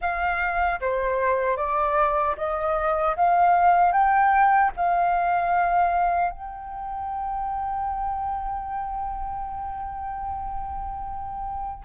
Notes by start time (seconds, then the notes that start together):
0.01 F5
0.80 C5
1.56 D5
2.37 D#5
3.16 F5
3.92 G5
4.76 F5
6.30 G5